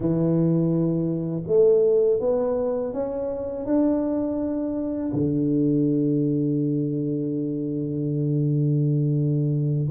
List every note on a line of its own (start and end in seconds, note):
0.00 1.43 E3
1.47 2.20 A3
2.20 2.93 B3
2.93 3.65 C#4
3.65 5.12 D4
5.13 9.88 D3